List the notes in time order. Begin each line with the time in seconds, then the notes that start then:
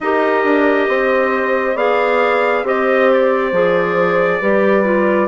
0.00 D#4 G4 A#4 D#5
0.44 D4
0.88 C4 C5
1.75 B3 G#4 D5 F5
2.63 C4 G4 C5 D#5
3.12 D5
3.51 F3 G#4
4.40 G3 G4 B4
4.84 F4